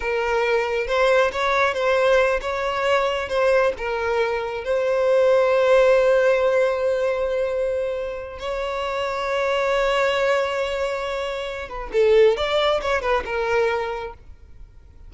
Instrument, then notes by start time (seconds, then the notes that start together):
violin
0.00 A#4
0.87 C5
1.32 C#5
1.74 C5
2.41 C#5
3.28 C5
3.77 A#4
4.64 C5
8.39 C#5
11.69 B4
11.92 A4
12.36 D5
12.81 C#5
13.01 B4
13.25 A#4